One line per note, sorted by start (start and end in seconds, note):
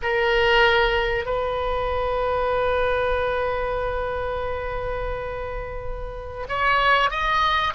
0.02 1.25 A#4
1.25 6.46 B4
6.48 7.10 C#5
7.10 7.73 D#5